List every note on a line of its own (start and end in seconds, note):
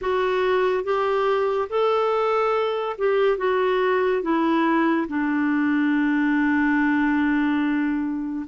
0.01 0.84 F#4
0.84 1.68 G4
1.69 2.96 A4
2.98 3.37 G4
3.37 4.22 F#4
4.22 5.07 E4
5.08 8.46 D4